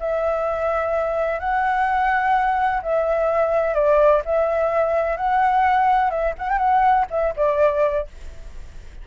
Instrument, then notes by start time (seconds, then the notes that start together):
flute
0.00 E5
1.40 F#5
2.83 E5
3.75 D5
4.26 E5
5.17 F#5
6.11 E5
6.39 F#5
6.50 G5
6.59 F#5
7.11 E5
7.37 D5